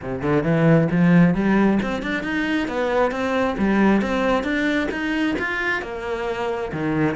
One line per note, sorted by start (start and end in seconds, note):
0.02 0.22 C3
0.22 0.43 D3
0.43 0.88 E3
0.91 1.34 F3
1.34 1.79 G3
1.82 2.02 C4
2.02 2.23 D4
2.23 2.67 D#4
2.67 3.11 B3
3.11 3.55 C4
3.58 4.01 G3
4.01 4.43 C4
4.43 4.88 D4
4.91 5.35 D#4
5.39 5.82 F4
5.82 6.71 A#3
6.72 7.15 D#3